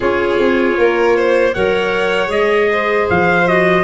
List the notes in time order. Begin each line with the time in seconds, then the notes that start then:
0.00 C#4 F4 G#4 C#5
0.38 C4
0.77 A#3 A#4
1.16 C5
1.53 F#3 A#4 C#5 F#5
2.27 G#3 G#4 D#5
2.71 C5
3.09 F3 F5
3.47 F#4 D#5